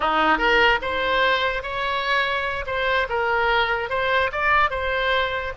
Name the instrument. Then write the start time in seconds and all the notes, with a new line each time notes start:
oboe
0.00 D#4
0.38 A#4
0.81 C5
1.62 C#5
2.66 C5
3.09 A#4
3.89 C5
4.32 D5
4.70 C5